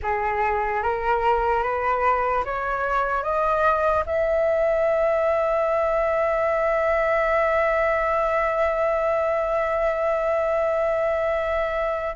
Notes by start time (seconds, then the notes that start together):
0.02 G#4
0.82 A#4
1.63 B4
2.45 C#5
3.22 D#5
4.05 E5